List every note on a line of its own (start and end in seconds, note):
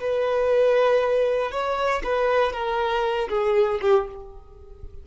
0.00 1.51 B4
1.51 2.02 C#5
2.04 2.53 B4
2.53 3.29 A#4
3.29 3.80 G#4
3.81 4.07 G4